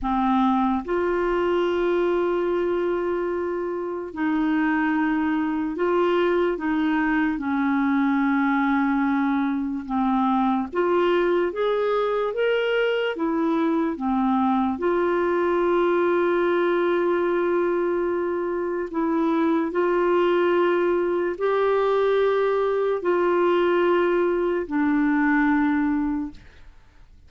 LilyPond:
\new Staff \with { instrumentName = "clarinet" } { \time 4/4 \tempo 4 = 73 c'4 f'2.~ | f'4 dis'2 f'4 | dis'4 cis'2. | c'4 f'4 gis'4 ais'4 |
e'4 c'4 f'2~ | f'2. e'4 | f'2 g'2 | f'2 d'2 | }